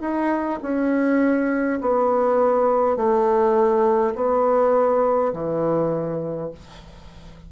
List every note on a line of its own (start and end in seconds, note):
0.00 0.59 D#4
0.61 1.79 C#4
1.81 2.96 B3
2.96 4.14 A3
4.14 5.32 B3
5.33 6.50 E3